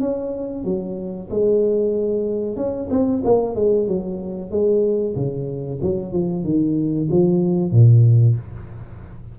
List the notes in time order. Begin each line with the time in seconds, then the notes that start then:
0.00 C#4
0.65 F#3
1.30 G#3
2.57 C#4
2.90 C4
3.24 A#3
3.55 G#3
3.88 F#3
4.51 G#3
5.16 C#3
5.82 F#3
6.13 F3
6.44 D#3
7.11 F3
7.72 A#2